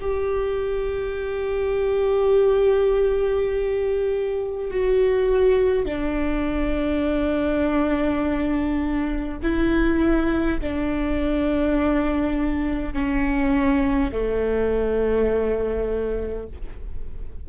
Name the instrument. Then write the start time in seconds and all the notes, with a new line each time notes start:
viola
0.00 G4
4.71 F#4
5.86 D4
9.43 E4
10.60 D4
12.94 C#4
14.12 A3